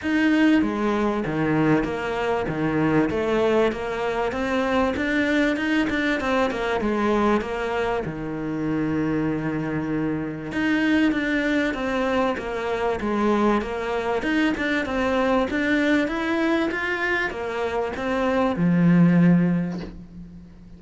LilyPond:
\new Staff \with { instrumentName = "cello" } { \time 4/4 \tempo 4 = 97 dis'4 gis4 dis4 ais4 | dis4 a4 ais4 c'4 | d'4 dis'8 d'8 c'8 ais8 gis4 | ais4 dis2.~ |
dis4 dis'4 d'4 c'4 | ais4 gis4 ais4 dis'8 d'8 | c'4 d'4 e'4 f'4 | ais4 c'4 f2 | }